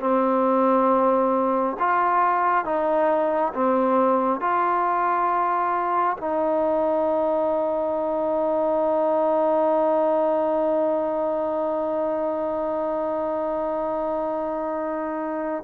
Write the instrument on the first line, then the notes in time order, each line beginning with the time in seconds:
trombone
0.00 C4
1.79 F4
2.64 D#4
3.53 C4
4.40 F4
6.17 D#4